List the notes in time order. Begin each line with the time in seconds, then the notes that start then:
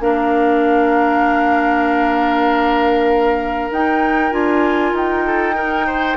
0.00 A#3 D4 A#4 F5
3.70 D#4 G5
4.31 D4 F4 G#5
4.93 D#4 G5
5.26 A4
5.55 D#4 A#4
5.87 C5